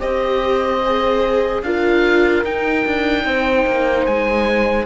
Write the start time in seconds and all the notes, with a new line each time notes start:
0.00 C4 G4 C5 D#5
0.85 G#4
1.63 D4 F4 A#4 F5
2.44 D#4 G5
2.85 D4
3.25 C4 C5
3.67 A#3
4.06 G#3 G#5